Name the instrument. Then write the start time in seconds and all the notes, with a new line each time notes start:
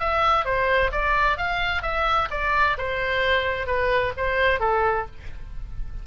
oboe
0.00 E5
0.45 C5
0.92 D5
1.38 F5
1.82 E5
2.31 D5
2.78 C5
3.67 B4
4.17 C5
4.60 A4